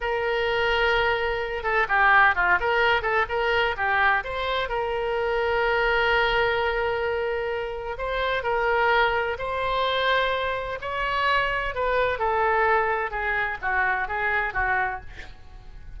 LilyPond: \new Staff \with { instrumentName = "oboe" } { \time 4/4 \tempo 4 = 128 ais'2.~ ais'8 a'8 | g'4 f'8 ais'4 a'8 ais'4 | g'4 c''4 ais'2~ | ais'1~ |
ais'4 c''4 ais'2 | c''2. cis''4~ | cis''4 b'4 a'2 | gis'4 fis'4 gis'4 fis'4 | }